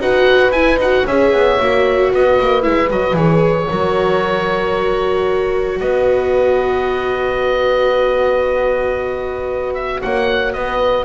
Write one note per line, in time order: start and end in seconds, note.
0.00 0.51 D#4
0.00 0.53 F#4
0.00 1.06 B4
0.00 0.52 F#5
0.51 0.77 E4
0.51 0.80 E4
0.51 0.79 G#5
0.78 1.04 D#4
0.78 1.08 F#4
0.78 1.07 F#5
1.06 1.33 C#4
1.06 1.59 G#4
1.06 2.11 C#5
1.06 2.13 E5
1.33 1.59 B3
1.59 2.13 A#3
1.59 2.62 F#4
2.12 2.39 B3
2.12 3.69 B4
2.12 2.63 D#5
2.41 2.67 A#3
2.62 2.90 G#3
2.62 2.89 E4
2.62 2.89 E5
2.90 3.14 F#3
2.90 3.15 F#4
2.90 3.17 D#5
3.14 3.66 E3
3.14 3.68 G#4
3.14 5.80 C#5
3.69 5.81 F#3
3.69 11.06 F#4
3.69 5.79 A#4
5.81 10.02 B3
5.81 10.03 B4
5.81 9.75 D#5
9.75 10.01 E5
10.02 10.55 A#3
10.02 10.55 C#5
10.02 10.53 F#5
10.53 11.06 B3
10.53 11.06 B4
10.53 11.06 D#5